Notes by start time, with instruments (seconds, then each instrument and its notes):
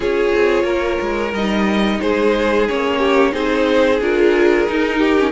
0.00 cello C#4, viola F4, violin G#4 C#5
0.34 cello C4
0.63 cello A#3, violin A#4
1.01 cello G#3
1.32 cello G3, viola D#4, violin D#5
2.00 cello G#3, violin G#4 C5
2.68 cello A#3, viola C#4, violin C#5
2.98 violin G4
3.32 cello C4, viola D#4, violin G#4 C5
4.00 cello D4, viola F4, violin A#4
4.67 viola D#4, cello D#4
4.97 violin G4
5.18 viola C#4